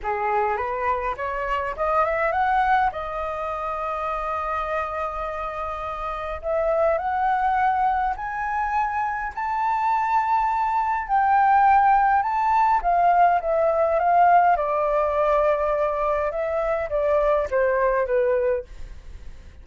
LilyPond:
\new Staff \with { instrumentName = "flute" } { \time 4/4 \tempo 4 = 103 gis'4 b'4 cis''4 dis''8 e''8 | fis''4 dis''2.~ | dis''2. e''4 | fis''2 gis''2 |
a''2. g''4~ | g''4 a''4 f''4 e''4 | f''4 d''2. | e''4 d''4 c''4 b'4 | }